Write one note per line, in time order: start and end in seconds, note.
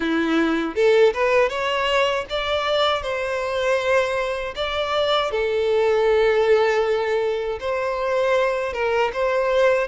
0.00 0.74 E4
0.75 1.13 A4
1.13 1.49 B4
1.49 2.25 C#5
2.29 3.02 D5
3.02 4.54 C5
4.55 5.31 D5
5.31 7.59 A4
7.59 8.73 C5
8.73 9.11 A#4
9.13 9.87 C5